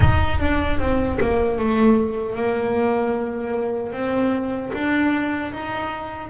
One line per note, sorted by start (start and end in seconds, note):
0.00 0.39 D#4
0.39 0.79 D4
0.79 1.18 C4
1.20 1.58 A#3
1.58 2.35 A3
2.35 3.92 A#3
3.92 4.71 C4
4.73 5.52 D4
5.52 6.29 D#4